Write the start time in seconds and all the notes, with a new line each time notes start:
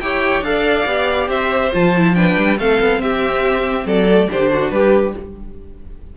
0.00 E4 G4 C#5 G5
0.41 D4 A4 F5
0.48 D5
0.85 B3 G4
1.28 C4 C5 E5
1.72 F3 F4 A5
1.96 E4
2.14 D4 B4 G5
2.37 G3
2.58 A3 C4 A4 F5
2.80 B3
2.99 C4 G4 E5
3.85 F#3 A4 D5
4.10 A3
4.28 D3 D4 G4 C5
4.52 F#4
4.70 G3 G4 B4